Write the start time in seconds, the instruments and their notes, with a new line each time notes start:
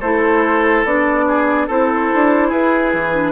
0.00 bassoon A3, clarinet E4, oboe A4, flute C5
0.84 bassoon B3, clarinet D4, flute D5
1.28 oboe G#4
1.67 bassoon C4, clarinet E4, oboe A4, flute C5
2.14 bassoon D4
2.48 bassoon E4, oboe G#4, flute B4
2.93 bassoon E3
3.13 clarinet D4